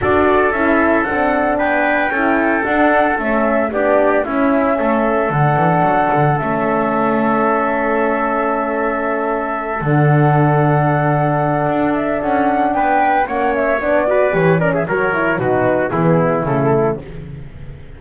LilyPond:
<<
  \new Staff \with { instrumentName = "flute" } { \time 4/4 \tempo 4 = 113 d''4 e''4 fis''4 g''4~ | g''4 fis''4 e''4 d''4 | e''2 fis''2 | e''1~ |
e''2~ e''8 fis''4.~ | fis''2~ fis''8 e''8 fis''4 | g''4 fis''8 e''8 d''4 cis''8 d''16 e''16 | cis''4 b'4 gis'4 a'4 | }
  \new Staff \with { instrumentName = "trumpet" } { \time 4/4 a'2. b'4 | a'2. g'4 | e'4 a'2.~ | a'1~ |
a'1~ | a'1 | b'4 cis''4. b'4 ais'16 gis'16 | ais'4 fis'4 e'2 | }
  \new Staff \with { instrumentName = "horn" } { \time 4/4 fis'4 e'4 d'2 | e'4 d'4 cis'4 d'4 | cis'2 d'2 | cis'1~ |
cis'2~ cis'8 d'4.~ | d'1~ | d'4 cis'4 d'8 fis'8 g'8 cis'8 | fis'8 e'8 dis'4 b4 a4 | }
  \new Staff \with { instrumentName = "double bass" } { \time 4/4 d'4 cis'4 c'4 b4 | cis'4 d'4 a4 b4 | cis'4 a4 d8 e8 fis8 d8 | a1~ |
a2~ a8 d4.~ | d2 d'4 cis'4 | b4 ais4 b4 e4 | fis4 b,4 e4 cis4 | }
>>